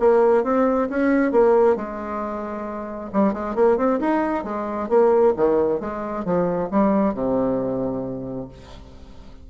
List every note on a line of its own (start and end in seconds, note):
0.00 0.44 A#3
0.44 0.89 C4
0.90 1.32 C#4
1.32 1.76 A#3
1.76 3.11 G#3
3.13 3.34 G3
3.34 3.56 G#3
3.56 3.77 A#3
3.77 4.00 C4
4.01 4.45 D#4
4.45 4.89 G#3
4.89 5.34 A#3
5.37 5.80 D#3
5.80 6.25 G#3
6.25 6.70 F3
6.71 7.14 G3
7.14 8.49 C3